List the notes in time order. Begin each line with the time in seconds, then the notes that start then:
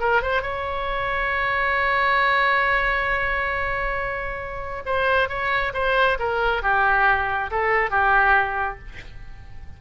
0.00 A#4
0.22 C5
0.42 C#5
4.85 C5
5.29 C#5
5.74 C5
6.19 A#4
6.62 G4
7.51 A4
7.91 G4